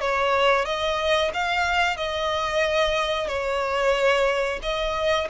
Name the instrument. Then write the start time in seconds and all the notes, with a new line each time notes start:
violin
0.00 C#5
0.65 D#5
1.33 F5
1.97 D#5
3.28 C#5
4.62 D#5